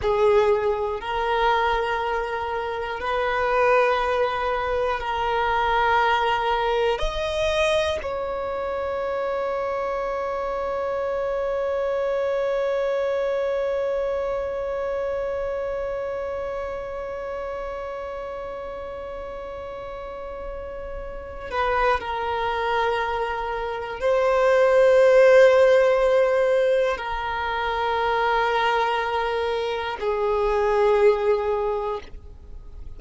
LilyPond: \new Staff \with { instrumentName = "violin" } { \time 4/4 \tempo 4 = 60 gis'4 ais'2 b'4~ | b'4 ais'2 dis''4 | cis''1~ | cis''1~ |
cis''1~ | cis''4. b'8 ais'2 | c''2. ais'4~ | ais'2 gis'2 | }